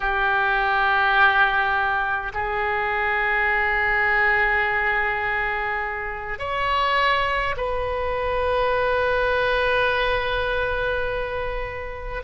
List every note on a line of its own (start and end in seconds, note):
0.00 2.32 G4
2.33 6.38 G#4
6.38 7.55 C#5
7.56 12.23 B4